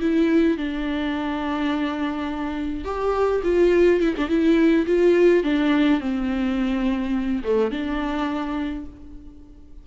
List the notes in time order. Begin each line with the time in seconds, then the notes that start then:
0.00 E4
0.57 D4
2.84 G4
3.43 F4
4.00 E4
4.17 D4
4.29 E4
4.86 F4
5.43 D4
6.00 C4
7.44 A3
7.71 D4